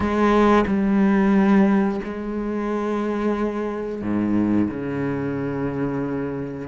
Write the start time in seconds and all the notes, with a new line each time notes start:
0.00 G#3
0.67 G3
2.04 G#3
4.02 G#2
4.70 C#3